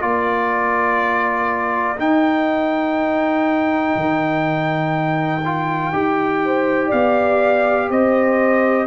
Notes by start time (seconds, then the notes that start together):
0.00 A#3 F4 A#4 D5
1.97 D#4 G5
3.96 D#3
5.45 F4
5.93 D#4 G4
6.45 C5
6.87 B3 D5 F5
7.90 C4 C5 D#5